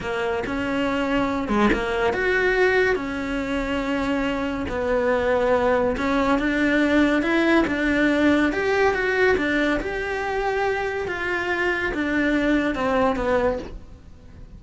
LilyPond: \new Staff \with { instrumentName = "cello" } { \time 4/4 \tempo 4 = 141 ais4 cis'2~ cis'8 gis8 | ais4 fis'2 cis'4~ | cis'2. b4~ | b2 cis'4 d'4~ |
d'4 e'4 d'2 | g'4 fis'4 d'4 g'4~ | g'2 f'2 | d'2 c'4 b4 | }